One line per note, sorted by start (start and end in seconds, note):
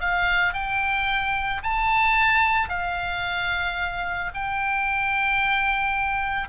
0.00 0.53 F5
0.53 1.61 G5
1.63 2.69 A5
2.69 4.31 F5
4.34 6.48 G5